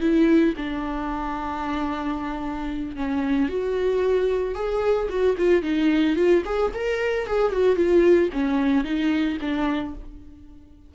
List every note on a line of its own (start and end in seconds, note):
0.00 0.53 E4
0.56 2.96 D4
2.96 3.48 C#4
3.48 4.54 F#4
4.54 5.08 G#4
5.09 5.36 F#4
5.37 5.62 F4
5.62 6.16 D#4
6.16 6.43 F4
6.45 6.71 G#4
6.74 7.26 A#4
7.26 7.52 G#4
7.52 7.76 F#4
7.76 8.29 F4
8.32 8.84 C#4
8.84 9.37 D#4
9.41 9.94 D4